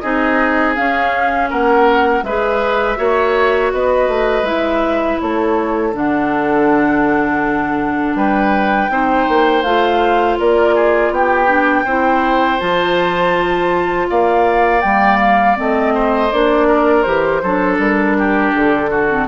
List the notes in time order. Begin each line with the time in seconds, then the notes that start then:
0.00 C4 D#4 G#4 D#5
0.76 C#4 F5
1.50 A#3 A#4 F#5
2.23 G#3 G#4 B4 E5
2.96 A#3 F#4 C#5
3.73 B3 B4 D#5
4.08 A3
4.43 G#3 E4 E5
5.21 A3 A4 C#5
5.93 D3 D4 F#5
8.15 G3 B4 G5
8.90 C4 D#4 C5
9.29 A#3
9.63 A3 F4 F5
10.39 A#3 A#4 D5
10.75 G#4
11.11 B3 G4 G5
11.48 D4
11.85 C4 E4 C5
12.59 F3 F4 A5
14.10 A#3 D5 F5
14.81 G3 A#3 G5
15.20 F5
15.56 A3 C4 D#5
15.95 C5
16.33 A#3 D4 D5
16.68 A#4
17.03 E3 G4 C5
17.43 F#3 D4 A4
17.79 G3 A#4
18.19 G4
18.55 D3 A4
18.91 F#4
19.10 C4